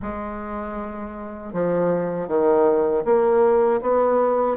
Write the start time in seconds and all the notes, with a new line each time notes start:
0.01 G#3
1.53 F3
2.28 D#3
3.04 A#3
3.81 B3